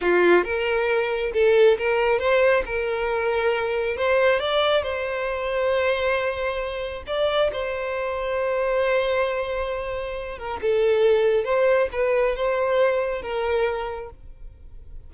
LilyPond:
\new Staff \with { instrumentName = "violin" } { \time 4/4 \tempo 4 = 136 f'4 ais'2 a'4 | ais'4 c''4 ais'2~ | ais'4 c''4 d''4 c''4~ | c''1 |
d''4 c''2.~ | c''2.~ c''8 ais'8 | a'2 c''4 b'4 | c''2 ais'2 | }